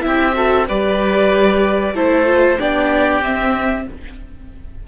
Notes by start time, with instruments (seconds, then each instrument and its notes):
0.00 cello C4, viola E4, violin E5
0.06 oboe G4
0.34 viola F#4, oboe A4
0.68 cello G3, viola G4, oboe B4, violin D5
1.94 cello A3, viola E4, oboe A4, violin C5
2.25 viola F4
2.58 cello B3, viola D4, oboe G4, violin D5
3.21 cello C4, viola C4, violin E5